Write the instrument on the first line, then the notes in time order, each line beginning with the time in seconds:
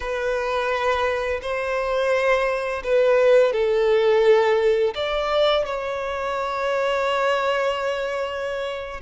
violin
0.00 B4
1.41 C5
2.83 B4
3.52 A4
4.94 D5
5.65 C#5